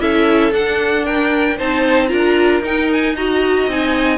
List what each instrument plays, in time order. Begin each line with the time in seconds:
0.00 cello C#4, viola E4, violin A4 E5
0.52 cello D4, viola D4, violin F#5
1.06 violin A#4 G5
1.58 cello C4, viola D#4, violin C5 A5
2.08 cello D4, viola F4, violin A#4 A#5
2.61 cello D#4, viola D#4, violin G5
2.93 violin G#5
3.16 viola F#4, violin D#5 A#5
3.67 cello C4, viola D#4, violin G#5